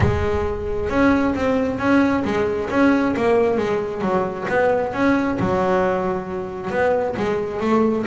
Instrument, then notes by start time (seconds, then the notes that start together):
double bass
0.00 G#3
0.89 C#4
1.35 C4
1.78 C#4
2.24 G#3
2.70 C#4
3.16 A#3
3.57 G#3
4.01 F#3
4.48 B3
4.93 C#4
5.39 F#3
6.70 B3
7.16 G#3
7.60 A3